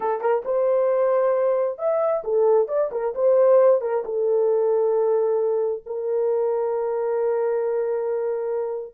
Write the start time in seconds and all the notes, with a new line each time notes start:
0.00 A4
0.20 A#4
0.44 C5
1.78 E5
2.23 A4
2.68 D5
2.91 A#4
3.14 C5
3.81 A#4
4.04 A4
5.85 A#4